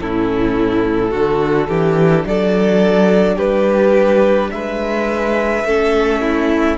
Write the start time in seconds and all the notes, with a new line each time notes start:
0.00 A2 C#4 E4 A4
1.10 D3 D4 F#4
1.68 E3 G4
2.24 F#3 A4 D5
3.35 G3 G4 B4
4.50 G#3 B4 E5
5.64 A3 C#4 A4
6.21 E4